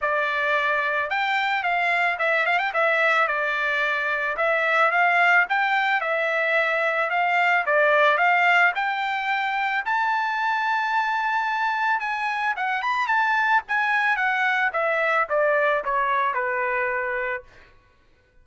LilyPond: \new Staff \with { instrumentName = "trumpet" } { \time 4/4 \tempo 4 = 110 d''2 g''4 f''4 | e''8 f''16 g''16 e''4 d''2 | e''4 f''4 g''4 e''4~ | e''4 f''4 d''4 f''4 |
g''2 a''2~ | a''2 gis''4 fis''8 b''8 | a''4 gis''4 fis''4 e''4 | d''4 cis''4 b'2 | }